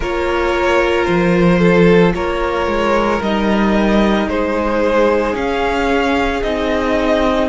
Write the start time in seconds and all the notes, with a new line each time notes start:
0.00 A#3 F4 A#4 C#5
1.05 F3 C5
1.59 A4
2.15 A#3 A#4 C#5
2.66 G#3
3.21 G3 D#4 D#5
4.27 G#3 G#4 C5
5.33 C#4 F5
6.42 C4 D#4 D#5